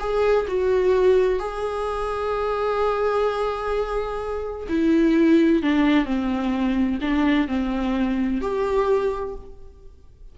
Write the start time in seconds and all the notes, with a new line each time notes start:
0.00 G#4
0.48 F#4
1.40 G#4
4.69 E4
5.63 D4
6.06 C4
7.01 D4
7.48 C4
8.42 G4